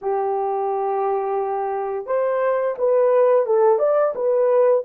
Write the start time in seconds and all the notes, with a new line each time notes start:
0.01 G4
2.06 C5
2.77 B4
3.45 A4
3.79 D5
4.15 B4